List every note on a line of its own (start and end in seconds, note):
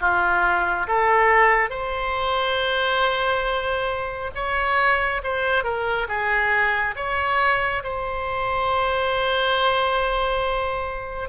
0.00 0.87 F4
0.88 1.70 A4
1.70 4.31 C5
4.35 5.22 C#5
5.23 5.64 C5
5.64 6.08 A#4
6.08 6.95 G#4
6.96 7.83 C#5
7.83 11.29 C5